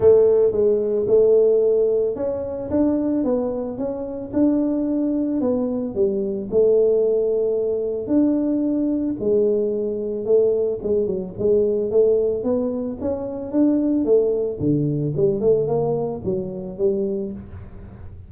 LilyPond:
\new Staff \with { instrumentName = "tuba" } { \time 4/4 \tempo 4 = 111 a4 gis4 a2 | cis'4 d'4 b4 cis'4 | d'2 b4 g4 | a2. d'4~ |
d'4 gis2 a4 | gis8 fis8 gis4 a4 b4 | cis'4 d'4 a4 d4 | g8 a8 ais4 fis4 g4 | }